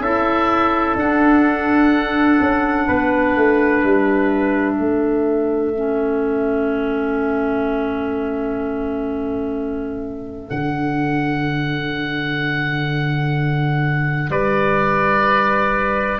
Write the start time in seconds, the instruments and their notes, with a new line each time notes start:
0.00 tuba C#4, clarinet E4, trumpet A4, oboe E5
0.96 tuba D4, clarinet D4, oboe F#5
2.40 tuba C#4
2.87 tuba B3, trumpet B4
3.36 tuba A3
3.83 tuba G3, oboe E5
4.75 tuba A3, trumpet A4
5.75 clarinet C#4
10.50 tuba D3, clarinet D4, oboe F#5
14.30 tuba G3, trumpet B4, oboe D5